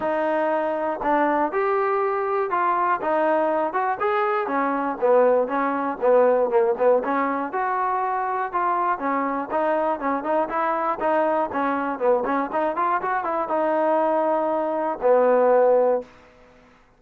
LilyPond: \new Staff \with { instrumentName = "trombone" } { \time 4/4 \tempo 4 = 120 dis'2 d'4 g'4~ | g'4 f'4 dis'4. fis'8 | gis'4 cis'4 b4 cis'4 | b4 ais8 b8 cis'4 fis'4~ |
fis'4 f'4 cis'4 dis'4 | cis'8 dis'8 e'4 dis'4 cis'4 | b8 cis'8 dis'8 f'8 fis'8 e'8 dis'4~ | dis'2 b2 | }